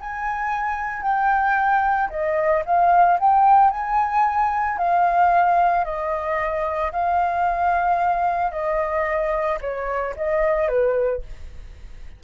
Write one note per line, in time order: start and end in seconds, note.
0.00 1.02 G#5
1.02 2.09 G5
2.10 2.63 D#5
2.65 3.19 F5
3.19 3.70 G5
3.70 4.77 G#5
4.78 5.84 F5
5.84 6.91 D#5
6.92 8.51 F5
8.51 9.58 D#5
9.61 10.14 C#5
10.16 10.68 D#5
10.68 11.22 B4